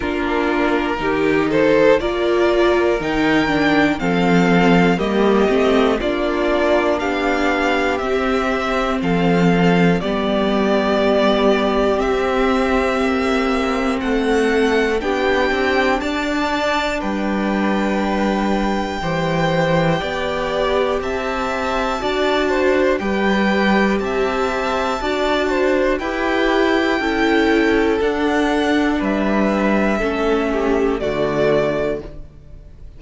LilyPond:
<<
  \new Staff \with { instrumentName = "violin" } { \time 4/4 \tempo 4 = 60 ais'4. c''8 d''4 g''4 | f''4 dis''4 d''4 f''4 | e''4 f''4 d''2 | e''2 fis''4 g''4 |
a''4 g''2.~ | g''4 a''2 g''4 | a''2 g''2 | fis''4 e''2 d''4 | }
  \new Staff \with { instrumentName = "violin" } { \time 4/4 f'4 g'8 a'8 ais'2 | a'4 g'4 f'4 g'4~ | g'4 a'4 g'2~ | g'2 a'4 g'4 |
d''4 b'2 c''4 | d''4 e''4 d''8 c''8 b'4 | e''4 d''8 c''8 b'4 a'4~ | a'4 b'4 a'8 g'8 fis'4 | }
  \new Staff \with { instrumentName = "viola" } { \time 4/4 d'4 dis'4 f'4 dis'8 d'8 | c'4 ais8 c'8 d'2 | c'2 b2 | c'2. d'4~ |
d'2. g'4~ | g'2 fis'4 g'4~ | g'4 fis'4 g'4 e'4 | d'2 cis'4 a4 | }
  \new Staff \with { instrumentName = "cello" } { \time 4/4 ais4 dis4 ais4 dis4 | f4 g8 a8 ais4 b4 | c'4 f4 g2 | c'4 ais4 a4 b8 c'8 |
d'4 g2 e4 | b4 c'4 d'4 g4 | c'4 d'4 e'4 cis'4 | d'4 g4 a4 d4 | }
>>